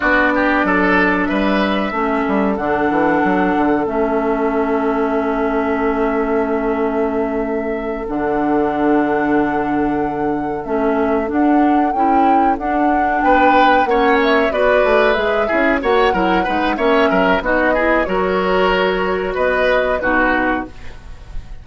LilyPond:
<<
  \new Staff \with { instrumentName = "flute" } { \time 4/4 \tempo 4 = 93 d''2 e''2 | fis''2 e''2~ | e''1~ | e''8 fis''2.~ fis''8~ |
fis''8 e''4 fis''4 g''4 fis''8~ | fis''8 g''4 fis''8 e''8 d''4 e''8~ | e''8 fis''4. e''4 dis''4 | cis''2 dis''4 b'4 | }
  \new Staff \with { instrumentName = "oboe" } { \time 4/4 fis'8 g'8 a'4 b'4 a'4~ | a'1~ | a'1~ | a'1~ |
a'1~ | a'8 b'4 cis''4 b'4. | gis'8 cis''8 ais'8 b'8 cis''8 ais'8 fis'8 gis'8 | ais'2 b'4 fis'4 | }
  \new Staff \with { instrumentName = "clarinet" } { \time 4/4 d'2. cis'4 | d'2 cis'2~ | cis'1~ | cis'8 d'2.~ d'8~ |
d'8 cis'4 d'4 e'4 d'8~ | d'4. cis'4 fis'4 gis'8 | e'8 fis'8 e'8 dis'8 cis'4 dis'8 e'8 | fis'2. dis'4 | }
  \new Staff \with { instrumentName = "bassoon" } { \time 4/4 b4 fis4 g4 a8 g8 | d8 e8 fis8 d8 a2~ | a1~ | a8 d2.~ d8~ |
d8 a4 d'4 cis'4 d'8~ | d'8 b4 ais4 b8 a8 gis8 | cis'8 ais8 fis8 gis8 ais8 fis8 b4 | fis2 b4 b,4 | }
>>